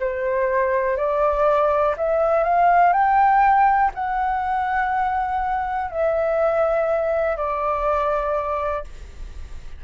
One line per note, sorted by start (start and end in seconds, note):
0.00 0.97 C5
0.97 1.95 D5
1.97 2.44 E5
2.44 2.93 F5
2.93 3.91 G5
3.95 5.91 F#5
5.91 7.36 E5
7.36 8.84 D5